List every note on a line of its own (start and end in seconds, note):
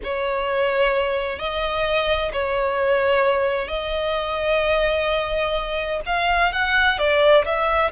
0.03 1.38 C#5
1.38 2.31 D#5
2.33 3.67 C#5
3.67 6.00 D#5
6.05 6.52 F5
6.52 6.98 F#5
6.98 7.45 D5
7.45 7.91 E5